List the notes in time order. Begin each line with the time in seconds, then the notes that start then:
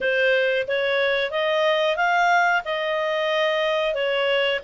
0.00 C5
0.67 C#5
1.30 D#5
1.96 F5
2.64 D#5
3.94 C#5